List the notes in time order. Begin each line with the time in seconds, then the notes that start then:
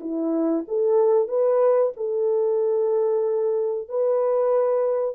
0.00 E4
0.68 A4
1.28 B4
1.96 A4
3.88 B4